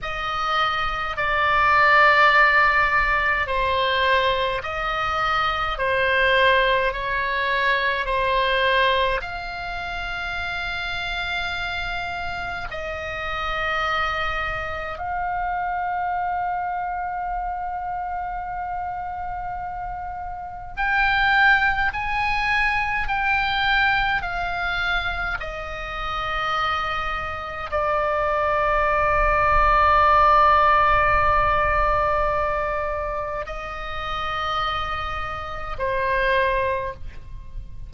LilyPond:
\new Staff \with { instrumentName = "oboe" } { \time 4/4 \tempo 4 = 52 dis''4 d''2 c''4 | dis''4 c''4 cis''4 c''4 | f''2. dis''4~ | dis''4 f''2.~ |
f''2 g''4 gis''4 | g''4 f''4 dis''2 | d''1~ | d''4 dis''2 c''4 | }